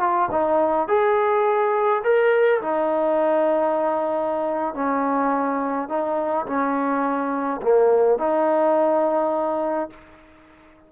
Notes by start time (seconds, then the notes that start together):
0.00 F4
0.31 D#4
0.88 G#4
2.04 A#4
2.61 D#4
4.75 C#4
5.89 D#4
6.46 C#4
7.62 A#3
8.18 D#4